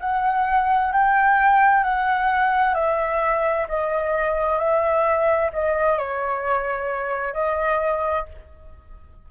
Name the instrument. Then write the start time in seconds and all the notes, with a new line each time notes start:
flute
0.00 F#5
0.92 G5
1.83 F#5
2.74 E5
3.68 D#5
4.59 E5
5.53 D#5
5.98 C#5
7.33 D#5